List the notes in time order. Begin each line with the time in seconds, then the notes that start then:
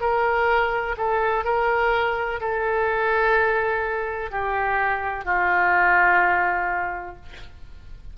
0.00 A#4
0.97 A4
1.44 A#4
2.40 A4
4.30 G4
5.25 F4